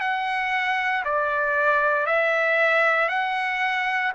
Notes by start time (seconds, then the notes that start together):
0.00 F#5
1.04 D5
2.06 E5
3.08 F#5